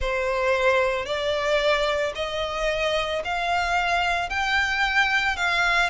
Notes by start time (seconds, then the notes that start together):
0.00 C5
1.05 D5
2.15 D#5
3.24 F5
4.29 G5
5.36 F5